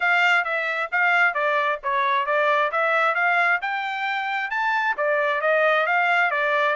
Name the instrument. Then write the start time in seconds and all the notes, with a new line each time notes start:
trumpet
0.00 F5
0.44 E5
0.91 F5
1.33 D5
1.83 C#5
2.26 D5
2.71 E5
3.15 F5
3.61 G5
4.50 A5
4.97 D5
5.41 D#5
5.86 F5
6.30 D5